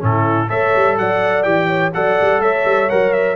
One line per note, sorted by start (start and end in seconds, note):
0.00 0.51 A2
0.00 0.48 C#4
0.00 0.48 E4
0.00 0.49 A4
0.48 0.74 A3
0.48 1.44 A4
0.48 0.96 C#5
0.48 0.97 E5
0.75 0.98 G3
0.98 1.45 F#3
0.98 1.68 D5
0.98 1.43 F#5
1.43 1.93 E3
1.43 1.92 G4
1.43 1.91 G5
1.68 1.92 C#5
1.94 2.19 F#3
1.94 2.90 A4
1.94 2.42 D5
1.94 2.41 F#5
2.21 2.39 G3
2.39 2.63 A3
2.39 3.36 C#5
2.39 2.89 E5
2.65 2.89 G3
2.89 3.36 F#3
2.89 3.36 A#4
2.89 3.12 F#5
3.12 3.36 E5